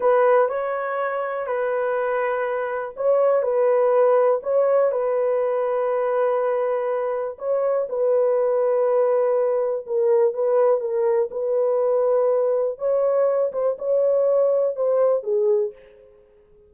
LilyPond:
\new Staff \with { instrumentName = "horn" } { \time 4/4 \tempo 4 = 122 b'4 cis''2 b'4~ | b'2 cis''4 b'4~ | b'4 cis''4 b'2~ | b'2. cis''4 |
b'1 | ais'4 b'4 ais'4 b'4~ | b'2 cis''4. c''8 | cis''2 c''4 gis'4 | }